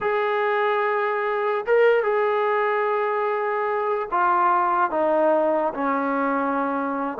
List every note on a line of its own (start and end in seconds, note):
0.00 1.65 G#4
1.66 2.03 A#4
2.03 4.08 G#4
4.11 4.91 F4
4.91 5.73 D#4
5.74 7.17 C#4